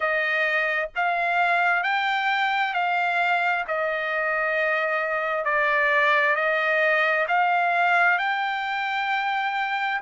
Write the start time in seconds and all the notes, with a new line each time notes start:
0.00 D#5
0.95 F5
1.83 G5
2.73 F5
3.67 D#5
5.44 D5
6.35 D#5
7.27 F5
8.18 G5